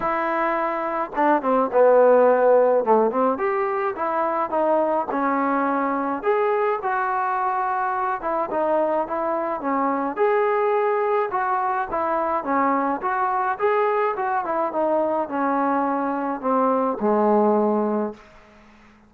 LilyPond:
\new Staff \with { instrumentName = "trombone" } { \time 4/4 \tempo 4 = 106 e'2 d'8 c'8 b4~ | b4 a8 c'8 g'4 e'4 | dis'4 cis'2 gis'4 | fis'2~ fis'8 e'8 dis'4 |
e'4 cis'4 gis'2 | fis'4 e'4 cis'4 fis'4 | gis'4 fis'8 e'8 dis'4 cis'4~ | cis'4 c'4 gis2 | }